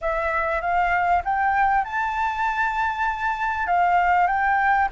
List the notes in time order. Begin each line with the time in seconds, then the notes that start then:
0.01 E5
0.61 F5
1.24 G5
1.84 A5
3.66 F5
4.27 G5